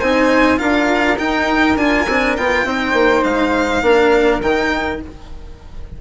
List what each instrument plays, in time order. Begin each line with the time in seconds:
0.00 bassoon C4, cello D#4, flute C5, violin G#5
0.57 bassoon D4, cello F4, flute A#4, violin F5
1.19 cello D#4, bassoon D#4, violin G5
1.76 bassoon D4, cello F4, violin G#5
2.08 bassoon C4, cello D4
2.37 bassoon B3, cello F4, violin G5
2.65 bassoon C4, cello D#4, flute C5
2.93 bassoon A#3
3.24 bassoon G#3, violin F5
3.82 bassoon A#3, cello D4, flute A#4
4.43 bassoon D#3, cello D#4, violin G5